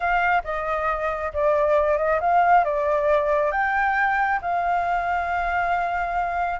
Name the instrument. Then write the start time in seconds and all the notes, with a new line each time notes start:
flute
0.00 F5
0.44 D#5
1.33 D5
1.97 D#5
2.20 F5
2.64 D5
3.51 G5
4.41 F5